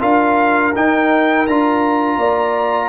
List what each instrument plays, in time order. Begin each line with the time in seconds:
0.00 tuba D4, trombone F4, horn A#4, trumpet F5
0.75 tuba D#4, trombone D#4, trumpet G5
1.47 tuba D4, trombone F4, trumpet A#5
2.17 tuba A#3, horn D5